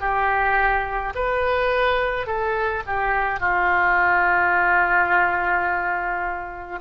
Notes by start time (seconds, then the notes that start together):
0.00 G4
1.15 B4
2.26 A4
2.86 G4
3.40 F4